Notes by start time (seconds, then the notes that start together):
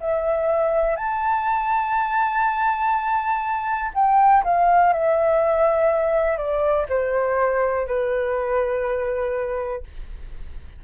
0.00 E5
0.96 A5
3.94 G5
4.44 F5
4.93 E5
6.37 D5
6.89 C5
7.86 B4